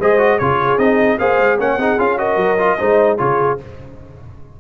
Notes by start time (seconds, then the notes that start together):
0.00 G#3 G#4 C5 D#5
0.19 F#4
0.39 C#3 F4 G#4 C#5
0.78 C4 D#4 D#5
1.19 A#3 G#4 C5 F5
1.40 G#3
1.59 A#3 C#4 C#5 F#5
1.78 C4 D#4 G#4
1.99 C#4 F4 F5
2.18 F#4 A#4 D#5
2.37 F#3
2.59 F4
2.79 G#3 D#4 C5
3.18 C#3 F4 G#4 C#5